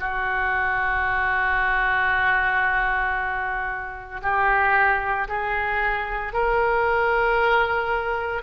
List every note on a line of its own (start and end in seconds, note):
0.00 4.21 F#4
4.22 5.28 G4
5.28 6.33 G#4
6.33 8.43 A#4